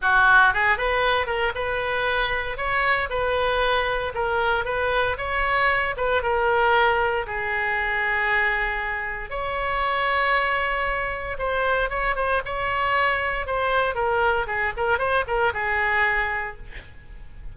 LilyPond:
\new Staff \with { instrumentName = "oboe" } { \time 4/4 \tempo 4 = 116 fis'4 gis'8 b'4 ais'8 b'4~ | b'4 cis''4 b'2 | ais'4 b'4 cis''4. b'8 | ais'2 gis'2~ |
gis'2 cis''2~ | cis''2 c''4 cis''8 c''8 | cis''2 c''4 ais'4 | gis'8 ais'8 c''8 ais'8 gis'2 | }